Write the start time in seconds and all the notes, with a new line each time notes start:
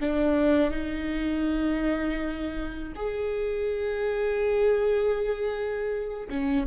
0.00 D4
0.70 D#4
2.95 G#4
6.29 C#4